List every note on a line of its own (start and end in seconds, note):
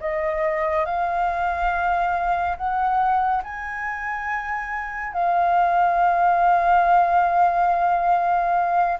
0.00 0.85 D#5
0.85 2.56 F5
2.57 3.42 F#5
3.43 5.13 G#5
5.13 8.98 F5